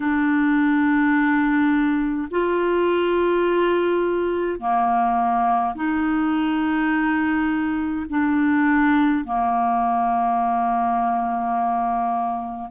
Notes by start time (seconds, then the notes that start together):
0.00 D4
2.31 F4
4.59 A#3
5.75 D#4
8.09 D4
9.24 A#3